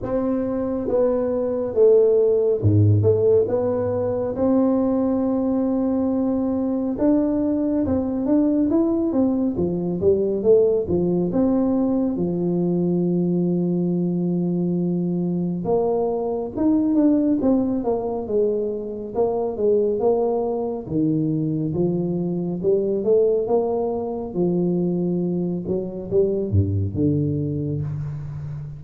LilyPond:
\new Staff \with { instrumentName = "tuba" } { \time 4/4 \tempo 4 = 69 c'4 b4 a4 gis,8 a8 | b4 c'2. | d'4 c'8 d'8 e'8 c'8 f8 g8 | a8 f8 c'4 f2~ |
f2 ais4 dis'8 d'8 | c'8 ais8 gis4 ais8 gis8 ais4 | dis4 f4 g8 a8 ais4 | f4. fis8 g8 g,8 d4 | }